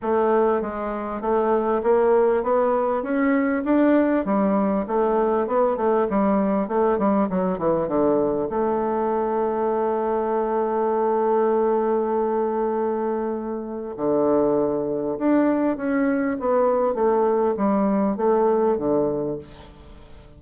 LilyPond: \new Staff \with { instrumentName = "bassoon" } { \time 4/4 \tempo 4 = 99 a4 gis4 a4 ais4 | b4 cis'4 d'4 g4 | a4 b8 a8 g4 a8 g8 | fis8 e8 d4 a2~ |
a1~ | a2. d4~ | d4 d'4 cis'4 b4 | a4 g4 a4 d4 | }